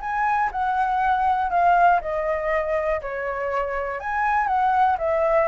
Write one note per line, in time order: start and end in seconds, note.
0.00 0.50 G#5
0.52 1.50 F#5
1.50 2.00 F5
2.01 3.01 D#5
3.01 4.00 C#5
4.00 4.47 G#5
4.47 4.97 F#5
4.98 5.48 E5